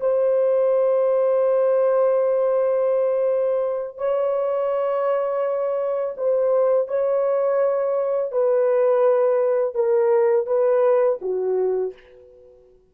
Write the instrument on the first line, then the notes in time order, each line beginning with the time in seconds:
horn
0.00 C5
3.98 C#5
6.17 C5
6.88 C#5
8.32 B4
9.75 A#4
10.46 B4
11.21 F#4